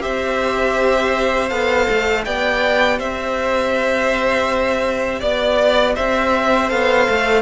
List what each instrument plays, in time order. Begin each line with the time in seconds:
0.00 cello C4, viola G4, violin C5 E5
1.50 cello B3, viola A4, violin F5
1.89 cello A3
2.25 cello B3, viola G4, violin D5 G5
2.99 cello C4, violin C5 E5
5.20 cello B3, violin D5
5.95 cello C4, violin C5 E5
6.69 cello B3, viola A4, violin F5
7.09 cello A3